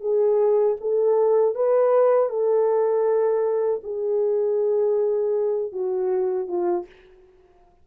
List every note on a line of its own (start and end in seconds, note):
0.00 0.76 G#4
0.80 1.55 A4
1.55 2.29 B4
2.29 3.81 A4
3.83 5.72 G#4
5.72 6.48 F#4
6.48 6.86 F4